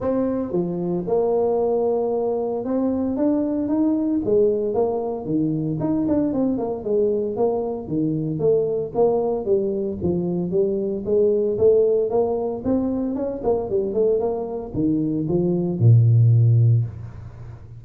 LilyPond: \new Staff \with { instrumentName = "tuba" } { \time 4/4 \tempo 4 = 114 c'4 f4 ais2~ | ais4 c'4 d'4 dis'4 | gis4 ais4 dis4 dis'8 d'8 | c'8 ais8 gis4 ais4 dis4 |
a4 ais4 g4 f4 | g4 gis4 a4 ais4 | c'4 cis'8 ais8 g8 a8 ais4 | dis4 f4 ais,2 | }